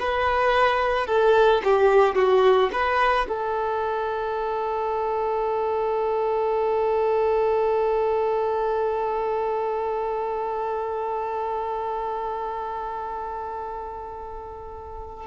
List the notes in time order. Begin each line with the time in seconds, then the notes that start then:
0.00 B4
1.08 A4
1.64 G4
2.16 F#4
2.73 B4
3.29 A4